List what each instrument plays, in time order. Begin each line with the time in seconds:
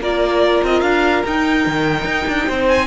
0.00 cello A#3, viola F4, violin A#4 D5
0.64 cello C4, violin D#5
0.82 cello D4, violin F5
1.27 cello D#4, viola D#4, violin G5
1.67 cello D#3
2.05 cello D#4
2.28 cello D4
2.48 cello C4, violin C5
2.69 violin G#5